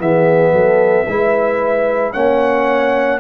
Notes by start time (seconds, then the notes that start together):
0.00 E3 B3 G#4 E5
0.52 F#3 A4
1.07 G#3 E4 B4
2.13 A#3 C#4 C#5 F#5